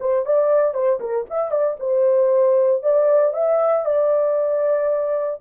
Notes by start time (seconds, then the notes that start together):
0.00 C5
0.26 D5
0.74 C5
1.00 A#4
1.30 E5
1.51 D5
1.79 C5
2.83 D5
3.33 E5
3.85 D5